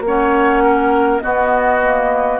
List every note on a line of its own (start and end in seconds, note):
0.00 1.20 A#3
0.00 1.19 F#5
0.07 1.21 C#4
0.07 0.63 C#5
0.63 1.22 A#4
1.19 1.81 B3
1.19 2.40 B3
1.19 2.40 F#4
1.19 2.39 D#5
1.82 2.40 A#3